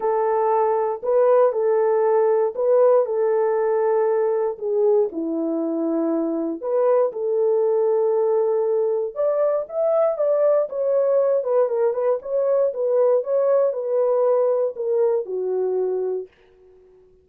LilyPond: \new Staff \with { instrumentName = "horn" } { \time 4/4 \tempo 4 = 118 a'2 b'4 a'4~ | a'4 b'4 a'2~ | a'4 gis'4 e'2~ | e'4 b'4 a'2~ |
a'2 d''4 e''4 | d''4 cis''4. b'8 ais'8 b'8 | cis''4 b'4 cis''4 b'4~ | b'4 ais'4 fis'2 | }